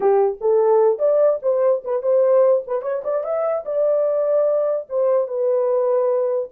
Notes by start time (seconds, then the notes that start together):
0.00 G4
0.40 A4
0.99 D5
1.42 C5
1.84 B4
2.02 C5
2.66 B4
2.82 C#5
3.04 D5
3.23 E5
3.65 D5
4.89 C5
5.27 B4